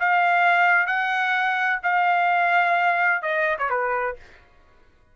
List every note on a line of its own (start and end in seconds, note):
0.00 0.87 F5
0.87 1.80 F#5
1.83 3.22 F5
3.22 3.57 D#5
3.59 3.70 C#5
3.70 4.16 B4